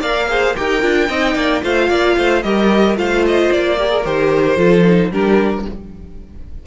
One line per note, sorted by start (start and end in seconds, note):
0.00 0.56 A#3
0.00 0.29 A#4
0.00 0.27 D5
0.00 0.56 F5
0.29 0.56 G#4
0.29 0.57 C5
0.56 0.83 D#4
0.56 0.81 G4
0.56 1.09 A#4
0.56 1.63 G5
0.81 1.09 D4
0.81 1.07 F4
1.09 1.35 C4
1.09 1.62 D#4
1.09 1.35 D#5
1.35 1.62 A#3
1.35 1.61 D5
1.62 1.90 A3
1.62 2.43 F4
1.62 1.89 C5
1.62 2.42 F5
1.89 2.16 A#3
1.89 2.15 D5
2.17 2.44 A3
2.17 2.44 C5
2.42 2.96 G3
2.42 2.96 G4
2.42 2.98 A#4
2.42 2.96 D#5
2.96 3.50 A3
2.96 3.76 F4
2.96 3.79 C5
2.96 3.25 F5
3.26 3.52 D#5
3.51 4.05 A#3
3.51 4.05 D5
3.79 3.89 G4
3.79 4.56 A#4
3.89 4.03 G#4
4.05 4.57 D#3
4.05 4.57 G4
4.05 5.12 C5
4.56 5.10 F3
4.56 4.84 F4
4.56 5.09 A4
4.85 5.11 D#4
5.11 5.65 G3
5.11 5.65 D4
5.11 5.66 G4
5.11 5.66 A#4